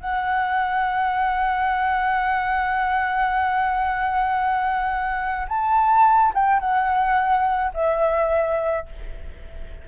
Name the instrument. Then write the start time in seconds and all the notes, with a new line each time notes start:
flute
0.00 F#5
5.48 A5
6.34 G5
6.60 F#5
7.74 E5